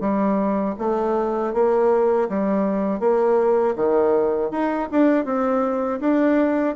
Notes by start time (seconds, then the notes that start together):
0.00 G3
0.79 A3
1.53 A#3
2.29 G3
3.00 A#3
3.76 D#3
4.51 D#4
4.92 D4
5.25 C4
6.00 D4